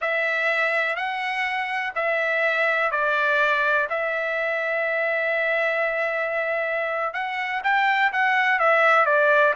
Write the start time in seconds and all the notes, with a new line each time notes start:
0.01 E5
0.95 F#5
1.95 E5
2.91 D5
3.89 E5
7.13 F#5
7.63 G5
8.12 F#5
8.59 E5
9.05 D5